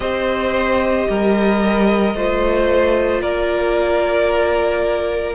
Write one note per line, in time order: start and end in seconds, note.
0.00 1.06 C4
0.00 2.13 G4
0.00 1.08 C5
0.00 3.21 D#5
1.08 2.15 G3
1.08 2.15 A#4
2.15 3.21 A3
2.15 5.34 F4
2.15 3.22 C5
3.21 5.34 A#3
3.21 5.34 A#4
3.21 5.34 D5